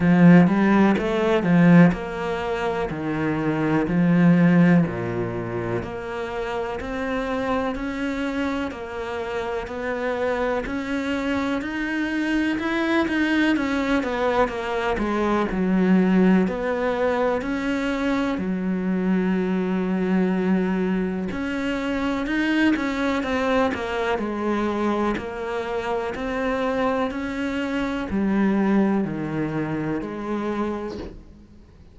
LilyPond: \new Staff \with { instrumentName = "cello" } { \time 4/4 \tempo 4 = 62 f8 g8 a8 f8 ais4 dis4 | f4 ais,4 ais4 c'4 | cis'4 ais4 b4 cis'4 | dis'4 e'8 dis'8 cis'8 b8 ais8 gis8 |
fis4 b4 cis'4 fis4~ | fis2 cis'4 dis'8 cis'8 | c'8 ais8 gis4 ais4 c'4 | cis'4 g4 dis4 gis4 | }